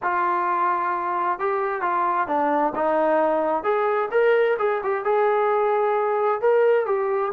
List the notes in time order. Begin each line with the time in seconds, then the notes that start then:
0.02 F4
1.39 G4
1.81 F4
2.27 D4
2.75 D#4
3.63 G#4
4.11 A#4
4.58 G#4
4.83 G4
5.04 G#4
6.41 A#4
6.86 G4